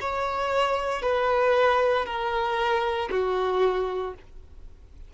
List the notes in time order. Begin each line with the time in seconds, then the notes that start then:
0.00 C#5
1.02 B4
2.05 A#4
3.10 F#4